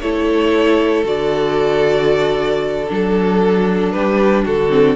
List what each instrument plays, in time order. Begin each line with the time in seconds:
0.00 cello A3, viola E4, violin A4 C#5
1.04 cello D3, viola F#4, violin D5
2.89 cello F#3, viola D4, violin A4
3.92 cello G3, violin G4 B4
4.44 cello D3, violin F#4 A4
4.70 viola C4